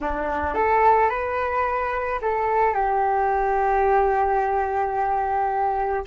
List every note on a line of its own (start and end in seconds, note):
0.01 0.54 D4
0.54 1.09 A4
1.09 2.19 B4
2.21 2.74 A4
2.74 6.04 G4